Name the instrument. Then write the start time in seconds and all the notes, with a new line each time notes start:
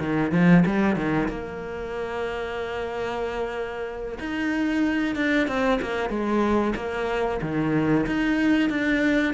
cello
0.00 D#3
0.32 F3
0.66 G3
0.96 D#3
1.28 A#3
4.20 D#4
5.16 D4
5.48 C4
5.82 A#3
6.10 G#3
6.76 A#3
7.42 D#3
8.07 D#4
8.70 D4